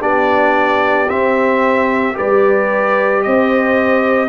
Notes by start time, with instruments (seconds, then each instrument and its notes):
0.00 tuba B3, trombone D4, horn G4, trumpet D5
1.08 tuba C4, trombone C4, trumpet E5
2.14 tuba G3, trombone G4, horn B4, trumpet D5
3.22 tuba C4, horn C5, trumpet D#5